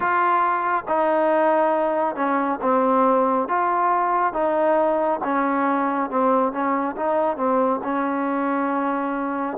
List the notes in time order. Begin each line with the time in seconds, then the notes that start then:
0.00 F4
0.88 D#4
2.15 C#4
2.61 C4
3.48 F4
4.33 D#4
5.24 C#4
6.09 C4
6.52 C#4
6.96 D#4
7.36 C4
7.83 C#4